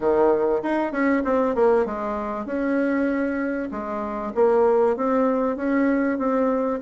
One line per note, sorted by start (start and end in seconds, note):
0.00 0.61 D#3
0.62 0.91 D#4
0.91 1.22 C#4
1.24 1.55 C4
1.55 1.85 A#3
1.85 2.45 G#3
2.45 3.69 C#4
3.71 4.32 G#3
4.34 4.96 A#3
4.96 5.56 C4
5.56 6.18 C#4
6.18 6.80 C4